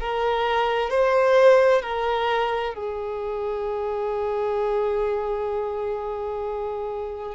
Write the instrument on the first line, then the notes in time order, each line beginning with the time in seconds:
violin
0.00 A#4
0.90 C5
1.83 A#4
2.74 G#4